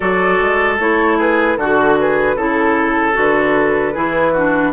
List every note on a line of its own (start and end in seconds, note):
0.00 0.40 F#3
0.00 0.78 F#4
0.00 1.17 A4
0.00 0.78 D5
0.40 0.79 G#3
0.79 1.56 A3
0.79 1.58 E4
0.79 1.18 C#5
1.17 1.57 G#4
1.17 1.57 B4
1.56 2.35 D3
1.56 1.98 F#4
1.56 2.37 F#4
1.56 1.97 A4
1.98 2.36 G#4
1.98 2.38 B4
2.35 3.14 C#3
2.35 3.12 E4
2.35 3.94 A4
2.35 3.17 A4
3.12 3.95 D3
3.12 3.91 F#4
3.12 4.72 B4
3.94 4.72 E3
3.94 4.34 E4
3.94 4.32 G#4
4.32 4.72 D4
4.32 4.72 F#4